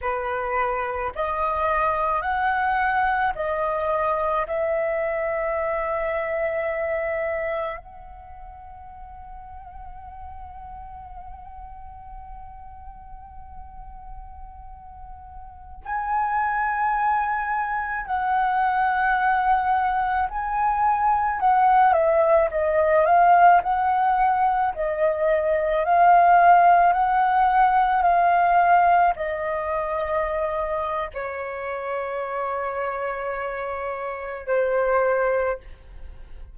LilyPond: \new Staff \with { instrumentName = "flute" } { \time 4/4 \tempo 4 = 54 b'4 dis''4 fis''4 dis''4 | e''2. fis''4~ | fis''1~ | fis''2~ fis''16 gis''4.~ gis''16~ |
gis''16 fis''2 gis''4 fis''8 e''16~ | e''16 dis''8 f''8 fis''4 dis''4 f''8.~ | f''16 fis''4 f''4 dis''4.~ dis''16 | cis''2. c''4 | }